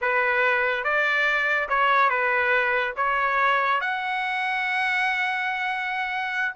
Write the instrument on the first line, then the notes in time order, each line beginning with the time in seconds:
trumpet
0.01 B4
0.84 D5
1.69 C#5
2.09 B4
2.96 C#5
3.80 F#5